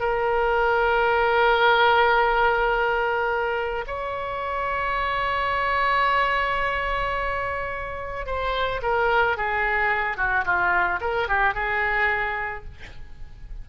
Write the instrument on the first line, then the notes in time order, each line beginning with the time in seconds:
oboe
0.00 A#4
3.87 C#5
8.26 C5
8.82 A#4
9.37 G#4
10.17 F#4
10.45 F4
11.01 A#4
11.28 G4
11.54 G#4